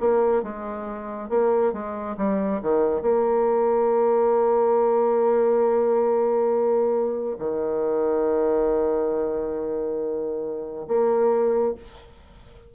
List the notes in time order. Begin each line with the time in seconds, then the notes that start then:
0.00 A#3
0.43 G#3
1.29 A#3
1.73 G#3
2.17 G3
2.62 D#3
3.02 A#3
7.39 D#3
10.88 A#3